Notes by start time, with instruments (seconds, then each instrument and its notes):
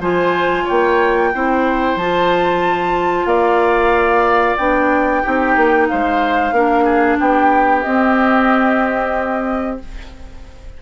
0.00 bassoon F3, clarinet F4, oboe C5, flute G#5
0.64 bassoon A#3, oboe C#5, flute G5
1.34 bassoon C4, clarinet E4, oboe C5
1.96 bassoon F3, clarinet F4, flute A5
3.25 bassoon A#3, oboe D5, flute F5
4.57 bassoon B3, clarinet D4, flute G5
5.22 bassoon C4, clarinet D#4, oboe G4
5.56 bassoon A#3
5.88 bassoon G#3, oboe C5, flute F5
6.52 bassoon A#3, clarinet D4, oboe A#4
6.84 oboe G#4
7.19 bassoon B3, oboe G4, flute G5
7.82 clarinet C4, bassoon C4, flute D#5